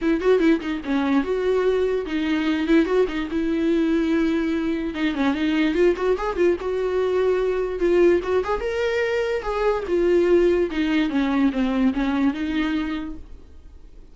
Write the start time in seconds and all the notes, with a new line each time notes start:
0.01 E4
0.20 F#4
0.39 E4
0.60 D#4
0.84 C#4
1.23 F#4
2.05 D#4
2.67 E4
2.85 F#4
3.08 D#4
3.30 E4
4.94 D#4
5.14 C#4
5.34 D#4
5.74 F4
5.96 F#4
6.17 G#4
6.36 F4
6.60 F#4
7.79 F4
8.23 F#4
8.44 G#4
8.60 A#4
9.42 G#4
9.87 F4
10.70 D#4
11.09 C#4
11.52 C4
11.93 C#4
12.33 D#4